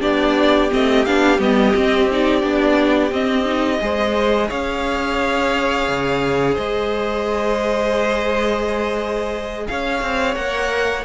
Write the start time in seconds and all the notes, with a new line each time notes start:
0.00 B3 D4 G4 D5
0.70 A3 C4 D#5
1.05 B3 D4 F5
1.38 G3 B3 D#5
1.75 C4
2.11 D#4 D5
2.41 B3 D4
3.11 C4 D#5
3.45 D#4
3.80 G#3 G#4 C5
4.48 C#4 C#5 F5
5.88 C#3
6.54 G#3 C5 D#5
9.67 C#4 C#5 F5
10.01 C4
10.35 A#3 A#4 F#5